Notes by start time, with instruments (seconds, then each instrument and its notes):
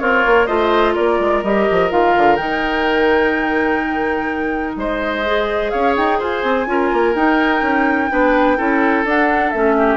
0.00 bassoon C4, oboe F4, clarinet A#4, flute C#5
0.26 bassoon A#3
0.47 bassoon A3, clarinet F4, oboe C5, flute D#5
0.95 bassoon A#3, oboe A#4, flute D5
1.20 bassoon G#3
1.43 bassoon G3, clarinet G4, flute D#5
1.71 bassoon F3
1.91 bassoon D#3, clarinet F4, flute F5
2.17 bassoon D3
2.37 bassoon D#3, clarinet D#4, flute G5
4.77 bassoon G#3, oboe C5, flute D#5
5.26 clarinet G#4
5.71 bassoon C#4, oboe C#5, flute F5
5.97 bassoon D#4, flute G5
6.19 bassoon F4, oboe C5, flute G#5
6.44 bassoon C4
6.67 bassoon C#4, clarinet F4, oboe A#4
6.93 bassoon A#3
7.15 bassoon D#4, clarinet D#4, flute G5
7.62 bassoon C#4
8.10 bassoon B3, clarinet D4, oboe B4
8.57 bassoon C#4, clarinet E4, oboe A4
9.05 bassoon D4, clarinet D4, flute F#5
9.51 bassoon A3, clarinet C#4, flute E5
9.78 oboe G4